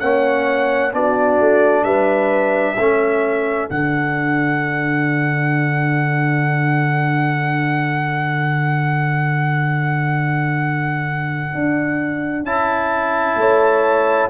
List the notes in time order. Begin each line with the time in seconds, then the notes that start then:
0.00 A#3 C#4 C#5 F#5
0.92 B3 D4 F#4 D5
1.40 A3
1.83 G3 B4 E5
2.77 A3 C#4 A4
3.70 D3 D4 F#5
11.55 D4
12.44 C#4 E4 A5
13.37 A3 C#5